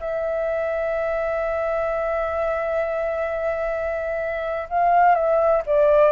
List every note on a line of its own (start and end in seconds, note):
0.00 4.69 E5
4.70 5.15 F5
5.15 5.62 E5
5.66 6.12 D5